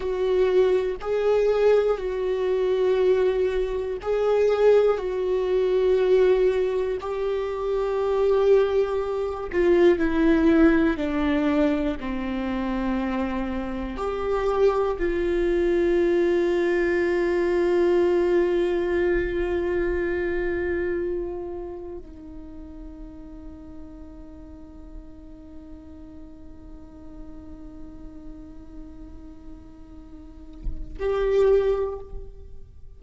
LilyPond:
\new Staff \with { instrumentName = "viola" } { \time 4/4 \tempo 4 = 60 fis'4 gis'4 fis'2 | gis'4 fis'2 g'4~ | g'4. f'8 e'4 d'4 | c'2 g'4 f'4~ |
f'1~ | f'2 dis'2~ | dis'1~ | dis'2. g'4 | }